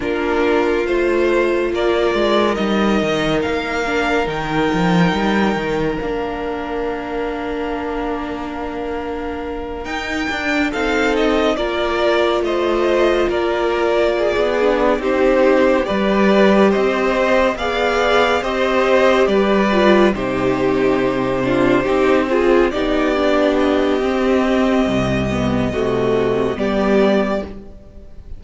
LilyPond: <<
  \new Staff \with { instrumentName = "violin" } { \time 4/4 \tempo 4 = 70 ais'4 c''4 d''4 dis''4 | f''4 g''2 f''4~ | f''2.~ f''8 g''8~ | g''8 f''8 dis''8 d''4 dis''4 d''8~ |
d''4. c''4 d''4 dis''8~ | dis''8 f''4 dis''4 d''4 c''8~ | c''2~ c''8 d''4 dis''8~ | dis''2. d''4 | }
  \new Staff \with { instrumentName = "violin" } { \time 4/4 f'2 ais'2~ | ais'1~ | ais'1~ | ais'8 a'4 ais'4 c''4 ais'8~ |
ais'8 gis'4 g'4 b'4 c''8~ | c''8 d''4 c''4 b'4 g'8~ | g'4 f'8 g'8 gis'8 g'4.~ | g'2 fis'4 g'4 | }
  \new Staff \with { instrumentName = "viola" } { \time 4/4 d'4 f'2 dis'4~ | dis'8 d'8 dis'2 d'4~ | d'2.~ d'8 dis'8 | d'8 dis'4 f'2~ f'8~ |
f'4 d'8 dis'4 g'4.~ | g'8 gis'4 g'4. f'8 dis'8~ | dis'4 d'8 dis'8 f'8 dis'8 d'4 | c'4. b8 a4 b4 | }
  \new Staff \with { instrumentName = "cello" } { \time 4/4 ais4 a4 ais8 gis8 g8 dis8 | ais4 dis8 f8 g8 dis8 ais4~ | ais2.~ ais8 dis'8 | d'8 c'4 ais4 a4 ais8~ |
ais8. b8. c'4 g4 c'8~ | c'8 b4 c'4 g4 c8~ | c4. c'4 b4. | c'4 c,4 c4 g4 | }
>>